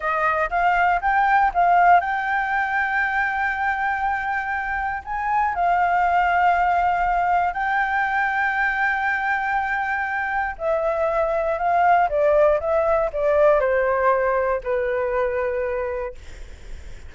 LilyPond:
\new Staff \with { instrumentName = "flute" } { \time 4/4 \tempo 4 = 119 dis''4 f''4 g''4 f''4 | g''1~ | g''2 gis''4 f''4~ | f''2. g''4~ |
g''1~ | g''4 e''2 f''4 | d''4 e''4 d''4 c''4~ | c''4 b'2. | }